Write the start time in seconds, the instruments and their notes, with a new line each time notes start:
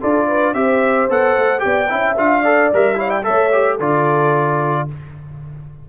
0.00 tuba D4, trombone F4, horn A4, trumpet D5
0.27 horn B4
0.54 tuba C4, trombone G4, horn C5, trumpet E5
1.10 tuba B3, trombone A4, trumpet F#5
1.36 tuba A3
1.58 trombone G4, trumpet G5
1.65 tuba B3, horn D5
1.89 tuba C#4, trombone E4, horn E5
2.17 tuba D4, trombone F4, trumpet F5
2.42 trombone A4, horn D5
2.73 tuba G3, trombone A#4, trumpet E5
2.95 trombone E4, horn C#5, trumpet F5
3.08 horn D5, trumpet G5
3.23 tuba A3, trombone A4, horn C#5, trumpet E5
3.52 trombone G4
3.77 tuba D3, trombone F4, horn A4, trumpet D5